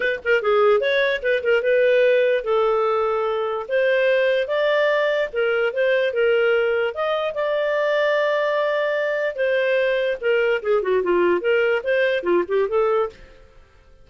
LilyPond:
\new Staff \with { instrumentName = "clarinet" } { \time 4/4 \tempo 4 = 147 b'8 ais'8 gis'4 cis''4 b'8 ais'8 | b'2 a'2~ | a'4 c''2 d''4~ | d''4 ais'4 c''4 ais'4~ |
ais'4 dis''4 d''2~ | d''2. c''4~ | c''4 ais'4 gis'8 fis'8 f'4 | ais'4 c''4 f'8 g'8 a'4 | }